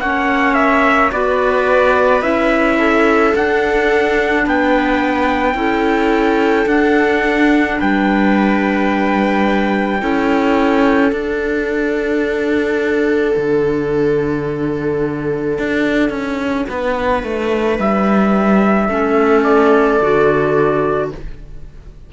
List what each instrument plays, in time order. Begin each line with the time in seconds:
0.00 cello A#3, clarinet C#4, viola C#5, trumpet F#5
0.54 trumpet E5
1.12 cello B3, clarinet F#4, viola B4, trumpet D5
2.22 cello C#4, clarinet E4, trumpet E5
2.78 viola A4
3.35 clarinet D4, cello D4, trumpet F#5
4.46 cello B3, viola B4, trumpet G5
5.55 cello C#4, clarinet E4, viola A4
6.66 cello D4, clarinet D4, trumpet F#5
7.78 cello G3, viola B4, trumpet G5
10.00 cello C#4, clarinet E4, viola A4
11.11 clarinet D4, cello D4, trumpet F#5
13.36 cello D3
15.58 cello D4
16.10 cello C#4
16.68 cello B3, viola B4
17.23 cello A3
17.79 cello G3, trumpet E5
18.88 cello A3, clarinet C#4, viola A4
19.44 trumpet D5
20.00 cello D3, clarinet F#4